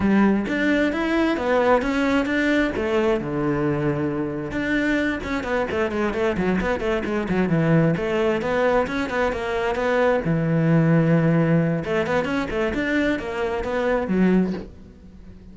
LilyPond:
\new Staff \with { instrumentName = "cello" } { \time 4/4 \tempo 4 = 132 g4 d'4 e'4 b4 | cis'4 d'4 a4 d4~ | d2 d'4. cis'8 | b8 a8 gis8 a8 fis8 b8 a8 gis8 |
fis8 e4 a4 b4 cis'8 | b8 ais4 b4 e4.~ | e2 a8 b8 cis'8 a8 | d'4 ais4 b4 fis4 | }